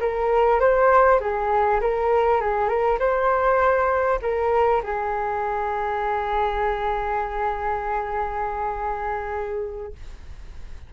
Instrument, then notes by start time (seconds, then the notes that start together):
flute
0.00 A#4
0.60 C5
1.20 G#4
1.81 A#4
2.41 G#4
2.68 A#4
2.99 C5
4.22 A#4
4.83 G#4